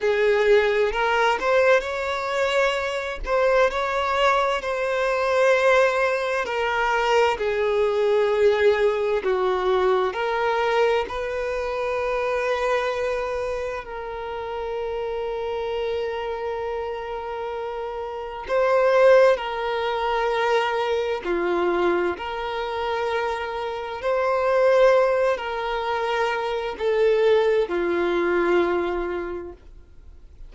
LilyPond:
\new Staff \with { instrumentName = "violin" } { \time 4/4 \tempo 4 = 65 gis'4 ais'8 c''8 cis''4. c''8 | cis''4 c''2 ais'4 | gis'2 fis'4 ais'4 | b'2. ais'4~ |
ais'1 | c''4 ais'2 f'4 | ais'2 c''4. ais'8~ | ais'4 a'4 f'2 | }